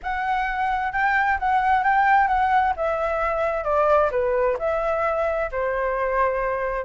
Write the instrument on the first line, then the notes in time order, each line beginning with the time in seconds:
flute
0.02 F#5
0.92 G5
1.39 F#5
1.83 G5
2.27 F#5
2.76 E5
3.64 D5
4.11 B4
4.58 E5
5.51 C5